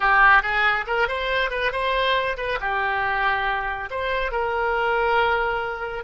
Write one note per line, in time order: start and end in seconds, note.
0.00 0.42 G4
0.42 0.85 G#4
0.86 1.08 A#4
1.08 1.50 C5
1.50 1.71 B4
1.71 2.36 C5
2.37 2.59 B4
2.60 3.89 G4
3.90 4.31 C5
4.31 6.04 A#4